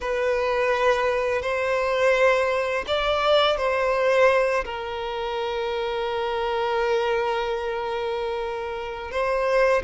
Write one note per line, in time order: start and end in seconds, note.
0.00 1.42 B4
1.42 2.84 C5
2.87 3.57 D5
3.57 4.64 C5
4.64 9.11 A#4
9.11 9.82 C5